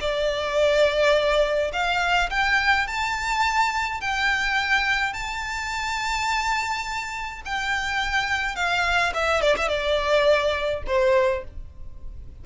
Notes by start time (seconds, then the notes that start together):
0.00 D5
1.72 F5
2.30 G5
2.87 A5
4.01 G5
5.13 A5
7.45 G5
8.55 F5
9.14 E5
9.42 D5
9.57 E5
9.68 D5
10.87 C5